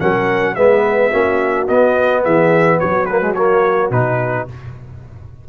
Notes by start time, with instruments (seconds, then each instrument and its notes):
0.00 tuba F#3, trombone C#4, horn A#4, trumpet F#5
0.55 tuba G#3, trombone B3, horn B4, trumpet E5
1.11 tuba A#3, trombone C#4, horn F#4
1.68 trombone B3, tuba B3, trumpet D#5
2.24 tuba E3, horn G#4, trumpet E5
2.79 tuba F#3, horn F#4, trumpet C#5
3.06 trombone A#3, trumpet B4
3.21 trombone G#3
3.34 trombone A#3, trumpet C#5
3.91 tuba B2, trombone D#4, trumpet B4